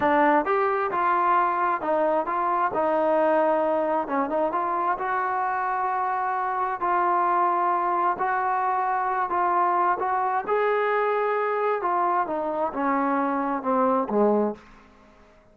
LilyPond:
\new Staff \with { instrumentName = "trombone" } { \time 4/4 \tempo 4 = 132 d'4 g'4 f'2 | dis'4 f'4 dis'2~ | dis'4 cis'8 dis'8 f'4 fis'4~ | fis'2. f'4~ |
f'2 fis'2~ | fis'8 f'4. fis'4 gis'4~ | gis'2 f'4 dis'4 | cis'2 c'4 gis4 | }